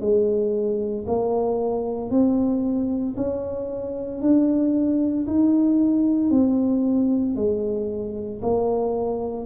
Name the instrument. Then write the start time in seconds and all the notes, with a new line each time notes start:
tuba
0.00 G#3
1.07 A#3
2.10 C4
3.16 C#4
4.21 D4
5.27 D#4
6.30 C4
7.35 G#3
8.42 A#3